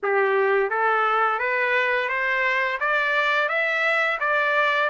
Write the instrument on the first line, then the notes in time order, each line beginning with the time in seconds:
trumpet
0.02 G4
0.70 A4
1.39 B4
2.08 C5
2.80 D5
3.49 E5
4.20 D5